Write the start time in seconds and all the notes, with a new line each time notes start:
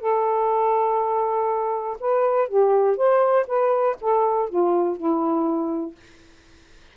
0.00 A4
2.00 B4
2.48 G4
2.96 C5
3.47 B4
4.00 A4
4.49 F4
4.96 E4